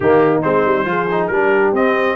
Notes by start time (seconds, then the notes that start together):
0.00 D#3 A#3 D#4 G4
0.42 G#3 C4 C5
0.65 G3
0.85 F3 F4 G#4
1.11 D#4
1.27 G3 D4 A#4
1.33 G4
1.72 C4 D#5